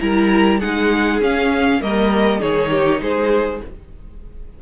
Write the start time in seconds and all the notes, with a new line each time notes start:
0.00 G3 E4 A#4 A#5
0.59 G#3 D#4 G#4 F#5
1.21 C#4 F5
1.81 G3 A#3 A#4 D#5
2.39 D#3 D#4 G#4 C#5
2.71 G4
3.00 G#3 G#4 C5